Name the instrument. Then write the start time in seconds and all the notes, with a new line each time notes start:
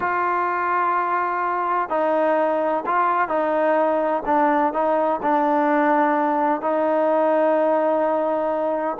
trombone
0.00 F4
1.89 D#4
2.86 F4
3.28 D#4
4.25 D4
4.73 D#4
5.22 D4
6.61 D#4